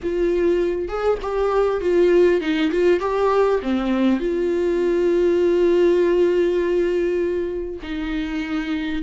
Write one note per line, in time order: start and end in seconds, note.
0.02 0.88 F4
0.88 1.18 G#4
1.22 1.80 G4
1.80 2.40 F4
2.41 2.71 D#4
2.71 3.00 F4
3.00 3.60 G4
3.62 4.20 C4
4.20 7.80 F4
7.82 9.02 D#4